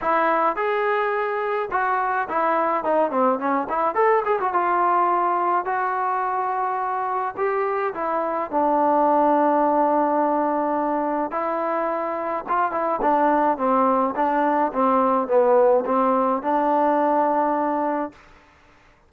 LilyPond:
\new Staff \with { instrumentName = "trombone" } { \time 4/4 \tempo 4 = 106 e'4 gis'2 fis'4 | e'4 dis'8 c'8 cis'8 e'8 a'8 gis'16 fis'16 | f'2 fis'2~ | fis'4 g'4 e'4 d'4~ |
d'1 | e'2 f'8 e'8 d'4 | c'4 d'4 c'4 b4 | c'4 d'2. | }